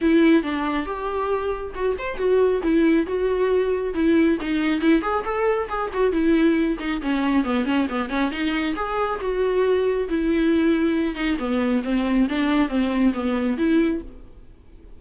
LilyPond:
\new Staff \with { instrumentName = "viola" } { \time 4/4 \tempo 4 = 137 e'4 d'4 g'2 | fis'8 c''8 fis'4 e'4 fis'4~ | fis'4 e'4 dis'4 e'8 gis'8 | a'4 gis'8 fis'8 e'4. dis'8 |
cis'4 b8 cis'8 b8 cis'8 dis'4 | gis'4 fis'2 e'4~ | e'4. dis'8 b4 c'4 | d'4 c'4 b4 e'4 | }